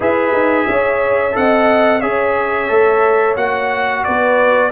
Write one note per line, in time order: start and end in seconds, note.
0.00 0.32 E4
0.00 1.32 G#4
0.00 0.67 B4
0.00 1.36 E5
0.32 0.66 D#4
0.67 1.35 C#4
0.67 1.35 C#5
1.32 2.02 C4
1.32 1.99 A4
1.32 2.01 D#5
1.32 2.00 F#5
2.00 2.70 C#4
2.00 2.68 G#4
2.00 4.03 C#5
2.00 3.35 E5
2.68 3.36 A3
2.68 3.35 A4
3.36 4.03 A#3
3.36 4.71 F#4
3.36 4.04 F#5
4.04 4.71 B3
4.04 4.71 B4
4.04 4.71 D5